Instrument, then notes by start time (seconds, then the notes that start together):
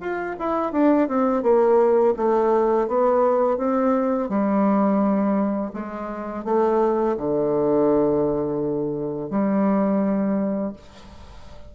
bassoon
0.00 F4
0.39 E4
0.72 D4
1.08 C4
1.43 A#3
2.16 A3
2.88 B3
3.57 C4
4.29 G3
5.73 G#3
6.44 A3
7.17 D3
9.30 G3